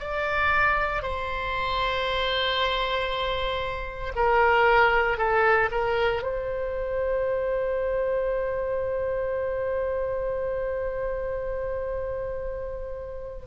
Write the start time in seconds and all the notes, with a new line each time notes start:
0.00 D5
1.03 C5
4.16 A#4
5.18 A4
5.71 A#4
6.23 C5